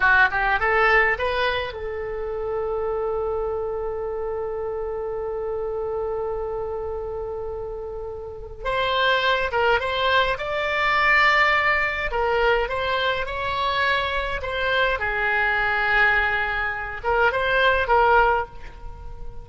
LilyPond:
\new Staff \with { instrumentName = "oboe" } { \time 4/4 \tempo 4 = 104 fis'8 g'8 a'4 b'4 a'4~ | a'1~ | a'1~ | a'2. c''4~ |
c''8 ais'8 c''4 d''2~ | d''4 ais'4 c''4 cis''4~ | cis''4 c''4 gis'2~ | gis'4. ais'8 c''4 ais'4 | }